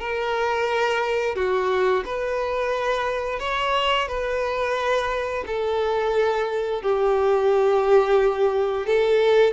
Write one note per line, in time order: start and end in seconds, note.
0.00 1.36 A#4
1.36 2.04 F#4
2.06 3.40 B4
3.40 4.08 C#5
4.08 5.44 B4
5.47 6.83 A4
6.83 8.87 G4
8.87 9.53 A4